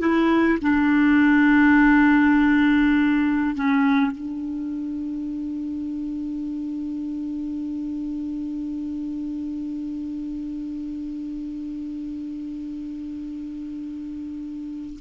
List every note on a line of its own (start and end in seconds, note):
0.00 0.59 E4
0.62 3.56 D4
3.56 4.12 C#4
4.12 15.00 D4